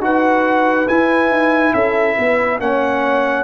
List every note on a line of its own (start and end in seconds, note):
0.00 0.86 D#4
0.00 0.87 F#4
0.00 1.73 B4
0.00 0.88 F#5
0.88 2.59 E4
0.88 1.30 E4
0.88 1.73 G#5
1.30 1.73 D#4
1.73 2.17 C#4
1.73 2.16 A4
1.73 2.59 E5
2.17 2.59 B3
2.17 2.59 B4
2.59 3.43 A#3
2.59 3.43 C#4
2.59 3.43 C#5
2.59 3.43 F#5